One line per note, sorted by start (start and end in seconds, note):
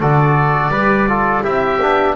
0.00 0.68 D3
0.00 0.73 F#4
0.00 0.71 A4
0.00 1.44 D5
0.68 1.40 G3
0.68 1.08 G4
0.68 1.07 B4
1.08 1.42 F4
1.08 1.43 A4
1.42 1.80 C4
1.42 1.79 E4
1.42 2.15 G4
1.42 2.15 E5
1.80 2.15 B3
1.80 2.15 D4